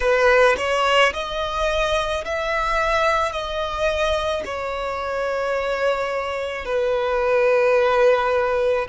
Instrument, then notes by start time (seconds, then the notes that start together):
violin
0.00 B4
0.57 C#5
1.13 D#5
2.24 E5
3.31 D#5
4.44 C#5
6.65 B4